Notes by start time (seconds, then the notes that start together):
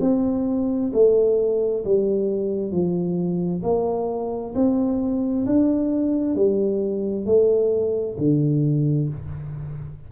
0.00 C4
0.93 A3
1.84 G3
2.71 F3
3.62 A#3
4.55 C4
5.45 D4
6.35 G3
7.25 A3
8.18 D3